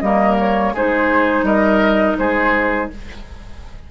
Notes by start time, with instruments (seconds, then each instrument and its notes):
0.00 bassoon G3, clarinet A#3, oboe A#4, flute D#5
0.39 flute C#5
0.73 bassoon G#3, clarinet D#4, oboe G#4, flute C5
1.42 bassoon G3, oboe A#4, flute D#5
2.18 bassoon G#3, oboe G#4, flute C5